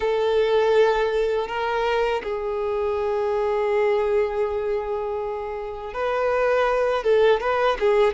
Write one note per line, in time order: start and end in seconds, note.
0.00 1.47 A4
1.47 2.22 A#4
2.23 5.93 G#4
5.93 7.03 B4
7.03 7.40 A4
7.40 7.77 B4
7.79 8.13 G#4